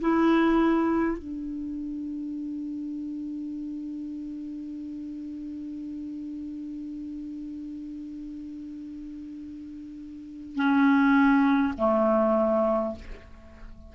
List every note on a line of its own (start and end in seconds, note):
0.00 1.18 E4
1.18 10.56 D4
10.56 11.73 C#4
11.78 12.95 A3